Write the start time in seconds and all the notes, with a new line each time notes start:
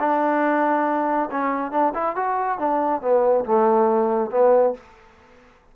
0.00 D4
1.31 C#4
1.71 D4
1.94 E4
2.16 F#4
2.59 D4
3.01 B3
3.45 A3
4.31 B3